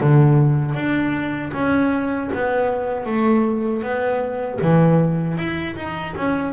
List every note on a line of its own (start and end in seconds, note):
0.00 0.74 D3
0.74 1.51 D4
1.53 2.30 C#4
2.34 3.06 B3
3.06 3.83 A3
3.83 4.59 B3
4.62 5.37 E3
5.37 5.76 E4
5.76 6.15 D#4
6.16 6.53 C#4